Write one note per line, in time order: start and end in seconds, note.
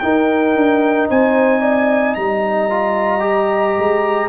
0.00 2.70 D#4
0.00 0.56 D#4
0.00 1.10 A#4
0.00 1.07 G5
0.56 1.10 D4
1.10 2.17 C4
1.10 1.61 C5
1.10 2.15 G#5
1.61 2.15 D5
2.15 3.77 G3
2.15 4.29 D#5
2.15 4.29 A#5
2.70 3.20 F4
3.20 4.27 G4
3.78 4.29 G#3